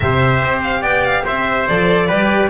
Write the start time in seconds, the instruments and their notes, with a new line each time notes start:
0.00 double bass C3, cello G4, trumpet C5, violin E5
0.42 double bass C4
0.62 violin F5
0.81 double bass B3, trumpet D5, violin G5
1.04 violin F5
1.24 double bass C4, trumpet C5, violin E5
1.68 double bass F3, cello A4, violin D5
2.07 double bass G3, cello G4, trumpet B4